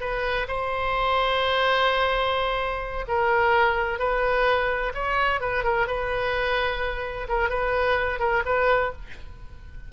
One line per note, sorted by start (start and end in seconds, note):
0.00 0.47 B4
0.47 3.05 C5
3.07 3.98 A#4
3.98 4.92 B4
4.94 5.40 C#5
5.40 5.63 B4
5.63 5.87 A#4
5.87 7.27 B4
7.28 7.49 A#4
7.49 8.19 B4
8.19 8.42 A#4
8.45 8.92 B4